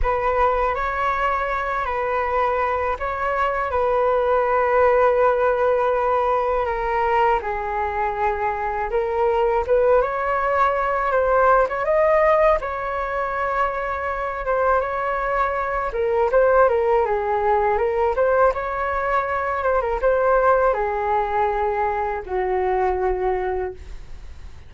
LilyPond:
\new Staff \with { instrumentName = "flute" } { \time 4/4 \tempo 4 = 81 b'4 cis''4. b'4. | cis''4 b'2.~ | b'4 ais'4 gis'2 | ais'4 b'8 cis''4. c''8. cis''16 |
dis''4 cis''2~ cis''8 c''8 | cis''4. ais'8 c''8 ais'8 gis'4 | ais'8 c''8 cis''4. c''16 ais'16 c''4 | gis'2 fis'2 | }